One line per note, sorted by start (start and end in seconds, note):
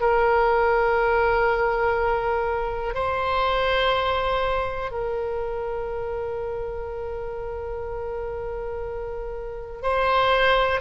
0.00 2.94 A#4
2.94 4.91 C5
4.91 9.82 A#4
9.82 10.81 C5